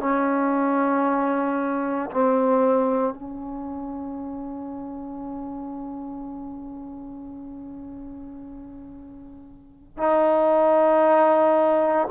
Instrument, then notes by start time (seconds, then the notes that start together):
trombone
0.00 C#4
2.11 C4
3.14 C#4
9.98 D#4